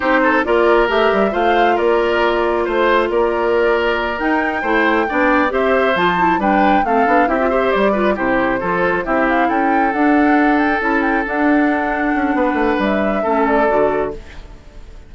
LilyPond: <<
  \new Staff \with { instrumentName = "flute" } { \time 4/4 \tempo 4 = 136 c''4 d''4 e''4 f''4 | d''2 c''4 d''4~ | d''4. g''2~ g''8~ | g''8 e''4 a''4 g''4 f''8~ |
f''8 e''4 d''4 c''4.~ | c''8 e''8 f''8 g''4 fis''4. | g''8 a''8 g''8 fis''2~ fis''8~ | fis''4 e''4. d''4. | }
  \new Staff \with { instrumentName = "oboe" } { \time 4/4 g'8 a'8 ais'2 c''4 | ais'2 c''4 ais'4~ | ais'2~ ais'8 c''4 d''8~ | d''8 c''2 b'4 a'8~ |
a'8 g'8 c''4 b'8 g'4 a'8~ | a'8 g'4 a'2~ a'8~ | a'1 | b'2 a'2 | }
  \new Staff \with { instrumentName = "clarinet" } { \time 4/4 dis'4 f'4 g'4 f'4~ | f'1~ | f'4. dis'4 e'4 d'8~ | d'8 g'4 f'8 e'8 d'4 c'8 |
d'8 e'16 f'16 g'4 f'8 e'4 f'8~ | f'8 e'2 d'4.~ | d'8 e'4 d'2~ d'8~ | d'2 cis'4 fis'4 | }
  \new Staff \with { instrumentName = "bassoon" } { \time 4/4 c'4 ais4 a8 g8 a4 | ais2 a4 ais4~ | ais4. dis'4 a4 b8~ | b8 c'4 f4 g4 a8 |
b8 c'4 g4 c4 f8~ | f8 c'4 cis'4 d'4.~ | d'8 cis'4 d'2 cis'8 | b8 a8 g4 a4 d4 | }
>>